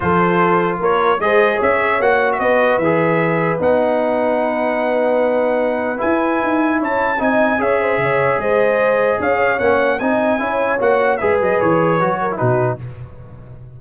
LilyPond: <<
  \new Staff \with { instrumentName = "trumpet" } { \time 4/4 \tempo 4 = 150 c''2 cis''4 dis''4 | e''4 fis''8. e''16 dis''4 e''4~ | e''4 fis''2.~ | fis''2. gis''4~ |
gis''4 a''4 gis''4 e''4~ | e''4 dis''2 f''4 | fis''4 gis''2 fis''4 | e''8 dis''8 cis''2 b'4 | }
  \new Staff \with { instrumentName = "horn" } { \time 4/4 a'2 ais'4 c''4 | cis''2 b'2~ | b'1~ | b'1~ |
b'4 cis''4 dis''4 cis''8 c''8 | cis''4 c''2 cis''4~ | cis''4 dis''4 cis''2 | b'2~ b'8 ais'8 fis'4 | }
  \new Staff \with { instrumentName = "trombone" } { \time 4/4 f'2. gis'4~ | gis'4 fis'2 gis'4~ | gis'4 dis'2.~ | dis'2. e'4~ |
e'2 dis'4 gis'4~ | gis'1 | cis'4 dis'4 e'4 fis'4 | gis'2 fis'8. e'16 dis'4 | }
  \new Staff \with { instrumentName = "tuba" } { \time 4/4 f2 ais4 gis4 | cis'4 ais4 b4 e4~ | e4 b2.~ | b2. e'4 |
dis'4 cis'4 c'4 cis'4 | cis4 gis2 cis'4 | ais4 c'4 cis'4 ais4 | gis8 fis8 e4 fis4 b,4 | }
>>